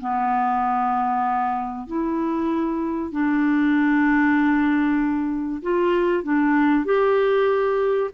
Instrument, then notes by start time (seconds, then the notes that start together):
clarinet
0.00 B3
1.87 E4
3.12 D4
5.62 F4
6.23 D4
6.85 G4